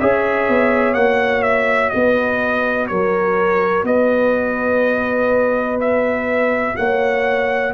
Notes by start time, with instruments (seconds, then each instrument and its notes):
0.00 tuba C#4, trombone G#4, horn C#5, trumpet E5
0.49 tuba B3
0.94 tuba A#3, trombone F#4, trumpet F#5
1.43 trumpet E5
1.90 tuba B3, horn B4, trumpet D#5
2.87 tuba F#3, horn A#4, trumpet C#5
3.84 tuba B3, horn B4, trumpet D#5
5.81 trumpet E5
6.77 tuba A#3, horn C#5, trumpet F#5